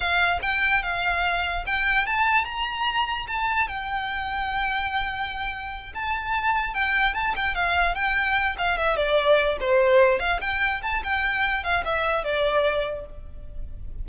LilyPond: \new Staff \with { instrumentName = "violin" } { \time 4/4 \tempo 4 = 147 f''4 g''4 f''2 | g''4 a''4 ais''2 | a''4 g''2.~ | g''2~ g''8 a''4.~ |
a''8 g''4 a''8 g''8 f''4 g''8~ | g''4 f''8 e''8 d''4. c''8~ | c''4 f''8 g''4 a''8 g''4~ | g''8 f''8 e''4 d''2 | }